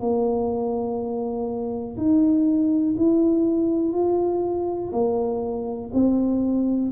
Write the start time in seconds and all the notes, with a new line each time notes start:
0.00 A#3
1.97 D#4
2.97 E4
3.93 F4
4.92 A#3
5.93 C4